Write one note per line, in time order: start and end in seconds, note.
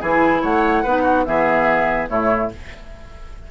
0.00 0.43 E3
0.00 0.85 E4
0.00 0.41 G#4
0.00 0.42 G#5
0.41 0.84 A3
0.41 0.83 C#5
0.41 1.25 F#5
0.83 1.26 B3
0.83 1.25 D#4
0.83 1.02 B4
1.02 1.23 F#4
1.25 2.09 E3
1.25 2.08 B3
1.25 2.09 G#4
1.25 2.08 E5
2.08 2.50 A2
2.08 2.50 A3
2.08 2.51 E4
2.08 2.51 C#5